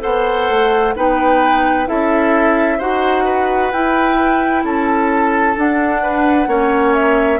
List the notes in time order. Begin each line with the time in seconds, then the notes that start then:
0.00 B3 A4 C5 F#5
0.50 A3
0.97 B3 D#4 B4 G5
1.87 C#4 E4 A4 E5
2.78 D#4 F#4 C5 F#5
3.25 B4
3.72 E4 G5
4.64 C#4 A4 A5
5.57 D4 F#5
6.03 B4
6.48 A#3 C#4 C#5
6.95 E5